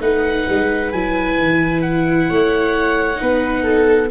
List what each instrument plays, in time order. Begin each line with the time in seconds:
0.00 tuba A3, viola D#4 B4, oboe F#5
0.49 tuba G#3
0.92 tuba F#3, viola E4, oboe G#5
1.38 tuba E3
1.82 oboe F#5
2.29 tuba A3, viola C#5
3.15 viola D#4
3.21 tuba B3, viola B4
3.63 viola A4